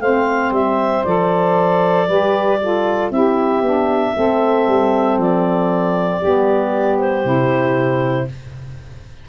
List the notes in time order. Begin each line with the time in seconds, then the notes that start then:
0.00 A3 C4 C5 F5
0.51 G3 E5
1.05 F3 A4 D5
2.07 G3 G4 B4
2.61 F4 A4
3.11 C4 E4 G4 E5
3.61 B3 D4
4.14 A3 C4 A4
4.67 G3
5.18 F3 D5
6.18 G3 B3 G4
6.98 C5
7.24 C3 E4